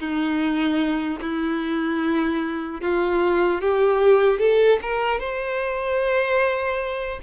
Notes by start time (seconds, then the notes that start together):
0.00 D#4
1.21 E4
2.81 F4
3.61 G4
4.40 A4
4.83 A#4
5.20 C5